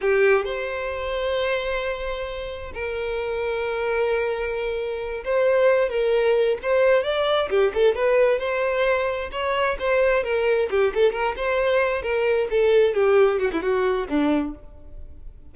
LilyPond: \new Staff \with { instrumentName = "violin" } { \time 4/4 \tempo 4 = 132 g'4 c''2.~ | c''2 ais'2~ | ais'2.~ ais'8 c''8~ | c''4 ais'4. c''4 d''8~ |
d''8 g'8 a'8 b'4 c''4.~ | c''8 cis''4 c''4 ais'4 g'8 | a'8 ais'8 c''4. ais'4 a'8~ | a'8 g'4 fis'16 e'16 fis'4 d'4 | }